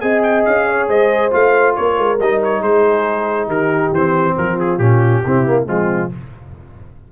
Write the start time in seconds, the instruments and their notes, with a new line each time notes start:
0.00 tuba C4, trombone G#4, horn D#5, trumpet G#5
0.22 trumpet G5
0.45 tuba C#4, trumpet F5
0.67 horn C#5
0.88 tuba G#3, horn C5, trumpet D#5
1.30 tuba A3, trombone F4, trumpet F5
1.75 tuba A#3, horn A#4, trumpet C#5
1.98 tuba G#3
2.20 tuba G3, trombone D#4, trumpet D#5
2.43 trumpet C#5
2.61 tuba G#3, horn G#4, trumpet C5
3.46 tuba D#3, horn G4, trumpet A#4
3.92 tuba E3, trombone C4, trumpet C5
4.35 tuba F3, horn F4, trumpet A#4
4.59 trumpet G#4
4.78 tuba A#2, trombone C#4, trumpet G4
5.22 tuba C3, trombone C4, horn E4
5.46 trombone A#3
5.65 tuba F3, trombone G#3, horn C4, trumpet F4